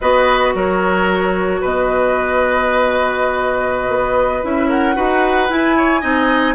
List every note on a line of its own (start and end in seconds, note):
0.00 0.54 B3
0.00 4.43 F#4
0.00 0.54 B4
0.00 0.54 D#5
0.54 1.61 F#3
0.54 1.60 A#4
0.54 1.64 C#5
1.60 3.88 B2
1.60 4.68 B4
1.60 4.44 D#5
3.88 4.42 B3
4.43 4.97 C#4
4.43 4.95 E4
4.43 4.70 E5
4.68 4.95 A#4
4.68 5.50 F#5
4.95 5.50 D#4
4.95 5.48 F#4
4.95 5.75 B4
5.49 6.01 E4
5.49 6.03 E4
5.49 6.54 G#5
5.76 6.01 C#5
6.01 6.54 C4
6.01 6.54 D#4
6.01 6.54 D#5